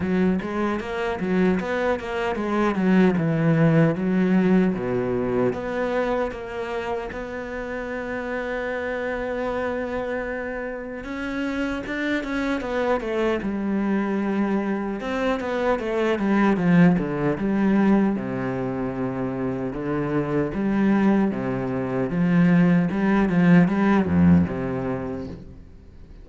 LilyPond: \new Staff \with { instrumentName = "cello" } { \time 4/4 \tempo 4 = 76 fis8 gis8 ais8 fis8 b8 ais8 gis8 fis8 | e4 fis4 b,4 b4 | ais4 b2.~ | b2 cis'4 d'8 cis'8 |
b8 a8 g2 c'8 b8 | a8 g8 f8 d8 g4 c4~ | c4 d4 g4 c4 | f4 g8 f8 g8 f,8 c4 | }